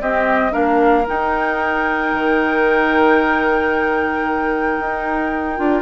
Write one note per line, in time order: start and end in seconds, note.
0.00 0.53 C4
0.00 0.51 C4
0.00 0.52 G4
0.00 0.53 D#5
0.51 1.07 A#3
0.51 1.04 D4
0.51 5.82 A#4
0.51 1.06 F5
1.07 5.57 D#4
1.07 2.13 D#4
1.07 5.82 G5
2.13 4.79 D#3
4.80 5.59 D#4
5.57 5.82 D4
5.57 5.82 F4